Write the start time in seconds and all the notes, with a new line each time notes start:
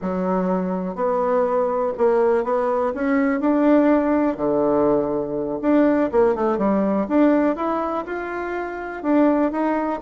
0.01 F#3
0.95 B3
1.97 A#3
2.43 B3
2.94 C#4
3.40 D4
4.37 D3
5.61 D4
6.11 A#3
6.35 A3
6.58 G3
7.08 D4
7.56 E4
8.05 F4
9.02 D4
9.51 D#4